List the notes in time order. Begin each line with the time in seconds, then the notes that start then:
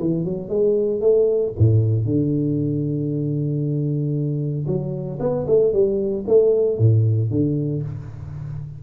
0.00 E3
0.24 F#3
0.49 G#3
1.01 A3
1.58 A2
2.05 D3
4.67 F#3
5.20 B3
5.47 A3
5.73 G3
6.28 A3
6.78 A2
7.30 D3